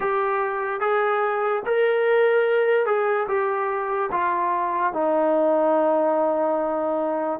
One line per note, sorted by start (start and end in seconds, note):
0.00 0.80 G4
0.80 1.62 G#4
1.65 2.85 A#4
2.85 3.27 G#4
3.28 4.10 G4
4.11 4.93 F4
4.93 7.39 D#4